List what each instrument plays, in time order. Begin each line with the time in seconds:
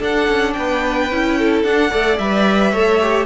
0.00 cello D4, viola D4, violin A4 F#5
0.28 cello C#4
0.54 cello B3, violin B4 G5
1.11 cello C#4, viola E4
1.38 violin A4
1.64 cello D4, viola D4, violin F#5
1.91 cello A3, viola A4, violin D5
2.18 cello G3, viola B4, violin E5
2.72 cello A3, viola A4, violin C#5
3.02 viola G4